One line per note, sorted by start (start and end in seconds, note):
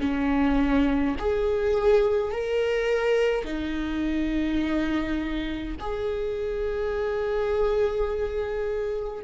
0.00 1.15 C#4
1.19 2.31 G#4
2.31 3.44 A#4
3.44 5.75 D#4
5.80 9.24 G#4